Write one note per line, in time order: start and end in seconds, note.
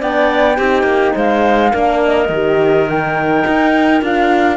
0.00 0.58 B3
0.00 0.57 D4
0.00 0.57 D5
0.00 1.16 G5
0.57 0.83 C4
0.57 1.72 D#4
0.57 1.14 G4
0.83 1.12 A#3
1.14 1.73 G#3
1.14 1.71 C5
1.14 2.03 F5
1.71 2.29 A#3
1.71 2.29 D4
1.71 4.57 A#4
2.03 2.89 D#5
2.29 3.43 D#3
2.29 2.89 G4
2.89 4.01 D#4
2.89 4.03 G5
3.47 4.02 D#4
4.01 4.57 D4
4.01 4.57 F4
4.01 4.57 F5